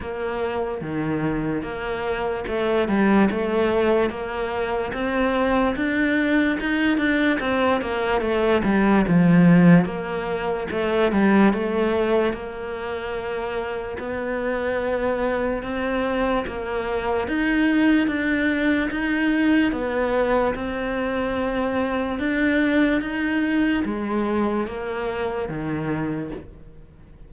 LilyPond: \new Staff \with { instrumentName = "cello" } { \time 4/4 \tempo 4 = 73 ais4 dis4 ais4 a8 g8 | a4 ais4 c'4 d'4 | dis'8 d'8 c'8 ais8 a8 g8 f4 | ais4 a8 g8 a4 ais4~ |
ais4 b2 c'4 | ais4 dis'4 d'4 dis'4 | b4 c'2 d'4 | dis'4 gis4 ais4 dis4 | }